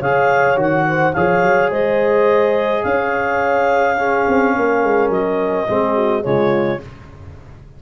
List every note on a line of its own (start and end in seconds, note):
0.00 0.57 C#3
0.00 0.57 G#4
0.00 0.85 C#5
0.00 0.59 F5
0.57 1.14 D#3
0.57 1.13 F#4
0.57 1.14 F#5
0.88 1.15 C5
1.14 1.44 F3
1.14 3.98 G#4
1.14 1.71 C#5
1.14 1.70 F5
1.44 1.71 F#3
1.71 2.84 G#3
1.71 2.84 C5
1.71 2.84 D#5
2.84 4.27 C#4
2.84 3.98 C#5
2.84 5.10 F5
3.98 5.68 C#4
3.98 4.55 G#4
4.29 4.57 C4
4.56 4.84 A#3
4.56 5.70 A#4
4.84 5.10 G#3
5.10 5.66 F#3
5.10 6.24 D#5
5.68 6.26 G#3
5.68 6.23 C4
5.68 5.96 G#4
5.96 6.24 F#4
6.23 6.82 C#3
6.23 6.80 G#3
6.23 6.83 F4
6.23 6.80 C#5